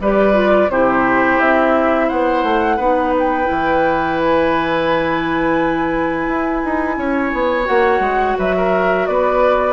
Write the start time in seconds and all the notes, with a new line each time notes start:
0.00 G3 G4 B4 D5
0.33 F4
0.69 C3 E4 G4 C5
1.40 C4 E5
2.07 B3 C5 F#5
2.43 A3
2.76 B3 D#4 B4
3.18 G5
3.44 E4
3.50 E3
4.20 G#5
6.27 E4
6.64 D#4
6.97 C#4 C#5
7.33 B3
7.65 A#3 F#4 F#5
7.99 G#3
8.37 F#3 B4 E5
8.56 A#4
9.06 B3 B4 D5